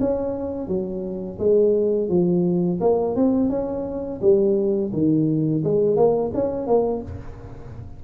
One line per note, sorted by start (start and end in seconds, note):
0.00 0.68 C#4
0.68 1.38 F#3
1.39 2.09 G#3
2.09 2.80 F3
2.80 3.16 A#3
3.16 3.50 C4
3.50 4.20 C#4
4.21 4.92 G3
4.93 5.63 D#3
5.64 5.96 G#3
5.96 6.32 A#3
6.34 6.67 C#4
6.67 7.02 A#3